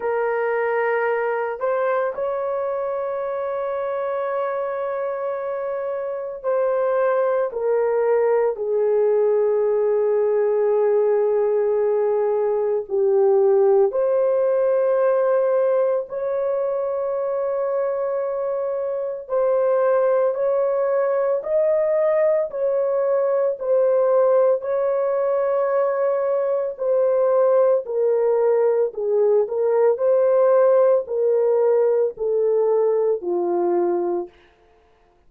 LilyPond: \new Staff \with { instrumentName = "horn" } { \time 4/4 \tempo 4 = 56 ais'4. c''8 cis''2~ | cis''2 c''4 ais'4 | gis'1 | g'4 c''2 cis''4~ |
cis''2 c''4 cis''4 | dis''4 cis''4 c''4 cis''4~ | cis''4 c''4 ais'4 gis'8 ais'8 | c''4 ais'4 a'4 f'4 | }